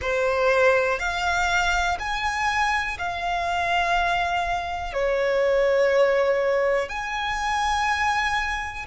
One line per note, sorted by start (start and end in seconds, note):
0.00 0.99 C5
0.99 1.97 F5
1.99 2.97 G#5
2.98 4.93 F5
4.93 6.89 C#5
6.89 8.85 G#5